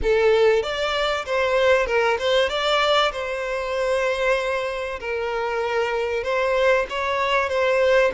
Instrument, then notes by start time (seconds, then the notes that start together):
violin
0.02 A4
0.62 D5
1.25 C5
1.86 A#4
2.18 C5
2.49 D5
3.12 C5
4.99 A#4
6.23 C5
6.89 C#5
7.49 C5